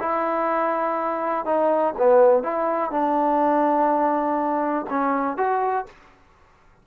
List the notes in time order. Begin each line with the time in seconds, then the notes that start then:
0.00 E4
1.46 D#4
1.98 B3
2.44 E4
2.91 D4
4.90 C#4
5.37 F#4